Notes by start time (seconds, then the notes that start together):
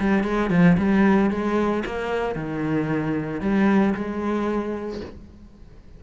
0.00 G3
0.24 G#3
0.51 F3
0.78 G3
1.31 G#3
1.86 A#3
2.36 D#3
3.41 G3
3.95 G#3